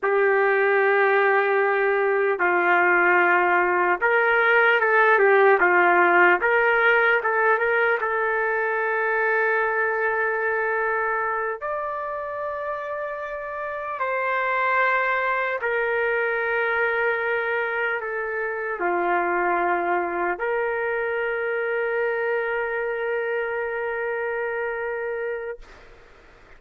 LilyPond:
\new Staff \with { instrumentName = "trumpet" } { \time 4/4 \tempo 4 = 75 g'2. f'4~ | f'4 ais'4 a'8 g'8 f'4 | ais'4 a'8 ais'8 a'2~ | a'2~ a'8 d''4.~ |
d''4. c''2 ais'8~ | ais'2~ ais'8 a'4 f'8~ | f'4. ais'2~ ais'8~ | ais'1 | }